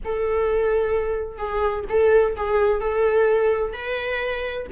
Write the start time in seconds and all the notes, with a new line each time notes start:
0.05 A4
1.37 G#4
1.89 A4
2.36 G#4
2.80 A4
3.73 B4